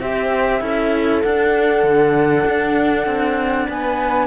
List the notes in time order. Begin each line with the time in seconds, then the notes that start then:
0.00 C4 G4 C5 E5
0.61 C#4 E4 A4
1.23 D4 F#5
1.83 D3
2.46 D4
3.06 C4
3.66 B3 B4 G#5